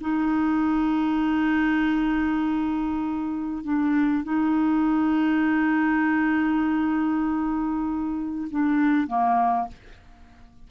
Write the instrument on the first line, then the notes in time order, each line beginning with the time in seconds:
clarinet
0.00 D#4
3.63 D4
4.23 D#4
8.50 D4
9.07 A#3